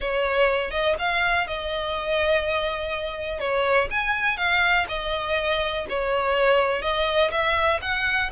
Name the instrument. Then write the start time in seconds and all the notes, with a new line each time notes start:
violin
0.00 C#5
0.70 D#5
0.98 F5
1.47 D#5
3.39 C#5
3.90 G#5
4.37 F5
4.88 D#5
5.89 C#5
6.82 D#5
7.31 E5
7.81 F#5